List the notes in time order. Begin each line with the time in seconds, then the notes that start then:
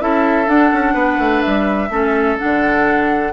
0.00 C#4 E4 A4 E5
0.46 D4 F#5
0.73 C#4
0.94 B3 B4
1.18 A3
1.41 G3 E5
1.90 A3 C#4 A4
2.38 D3 D4 F#5